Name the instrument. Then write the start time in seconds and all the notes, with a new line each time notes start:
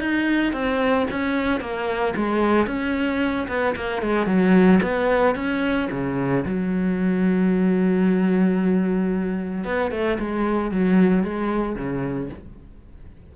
cello
0.00 D#4
0.53 C4
1.11 C#4
1.60 A#3
2.16 G#3
2.67 C#4
3.48 B3
3.75 A#3
4.02 G#3
4.26 F#3
4.82 B3
5.35 C#4
5.91 C#3
6.45 F#3
9.65 B3
9.91 A3
10.19 G#3
10.71 F#3
11.24 G#3
11.75 C#3